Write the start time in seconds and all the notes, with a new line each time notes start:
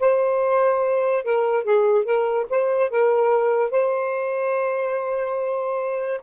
0.00 C5
1.24 A#4
1.64 G#4
2.05 A#4
2.50 C5
2.91 A#4
3.72 C5